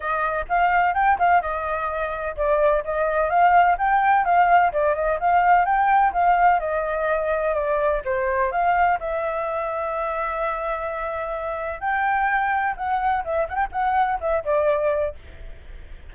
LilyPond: \new Staff \with { instrumentName = "flute" } { \time 4/4 \tempo 4 = 127 dis''4 f''4 g''8 f''8 dis''4~ | dis''4 d''4 dis''4 f''4 | g''4 f''4 d''8 dis''8 f''4 | g''4 f''4 dis''2 |
d''4 c''4 f''4 e''4~ | e''1~ | e''4 g''2 fis''4 | e''8 fis''16 g''16 fis''4 e''8 d''4. | }